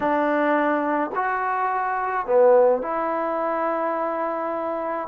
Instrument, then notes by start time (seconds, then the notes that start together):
trombone
0.00 D4
1.15 F#4
2.26 B3
2.81 E4